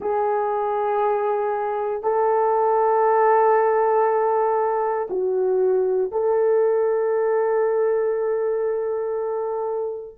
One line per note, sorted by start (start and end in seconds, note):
0.00 2.02 G#4
2.02 5.08 A4
5.09 6.11 F#4
6.11 10.18 A4